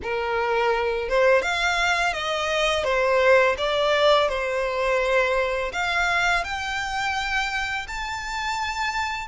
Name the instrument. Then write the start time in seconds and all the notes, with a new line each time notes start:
violin
0.02 A#4
1.08 C5
1.42 F5
2.13 D#5
2.84 C5
3.57 D5
4.29 C5
5.72 F5
6.44 G5
7.87 A5